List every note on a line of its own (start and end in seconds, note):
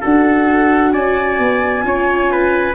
0.00 0.93 D4
0.00 1.83 F#4
0.00 0.91 A4
0.00 0.92 F#5
0.92 1.38 C#4
0.92 1.84 D5
0.92 2.74 G#5
1.39 1.84 B3
1.83 2.74 C#4
1.83 2.74 F4
1.83 2.32 C#5
2.32 2.74 B4